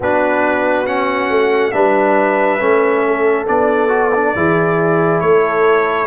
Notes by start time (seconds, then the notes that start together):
0.00 B3 D4 F#4 B4
0.85 C#4 F#5
1.29 A3
1.71 G3 D4 B4 E5
2.59 A3 C#4
3.07 A4
3.46 B3 D4 D5
3.88 F#4
4.14 D4
4.35 E3 E4 G#4
5.20 A3 A4 C#5